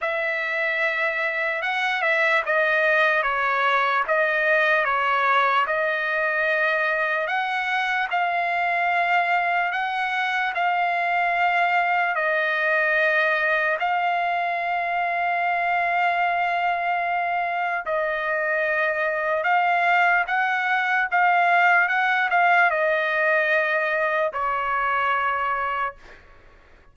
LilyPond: \new Staff \with { instrumentName = "trumpet" } { \time 4/4 \tempo 4 = 74 e''2 fis''8 e''8 dis''4 | cis''4 dis''4 cis''4 dis''4~ | dis''4 fis''4 f''2 | fis''4 f''2 dis''4~ |
dis''4 f''2.~ | f''2 dis''2 | f''4 fis''4 f''4 fis''8 f''8 | dis''2 cis''2 | }